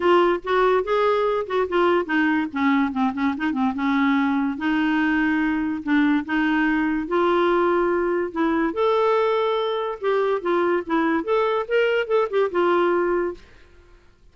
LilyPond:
\new Staff \with { instrumentName = "clarinet" } { \time 4/4 \tempo 4 = 144 f'4 fis'4 gis'4. fis'8 | f'4 dis'4 cis'4 c'8 cis'8 | dis'8 c'8 cis'2 dis'4~ | dis'2 d'4 dis'4~ |
dis'4 f'2. | e'4 a'2. | g'4 f'4 e'4 a'4 | ais'4 a'8 g'8 f'2 | }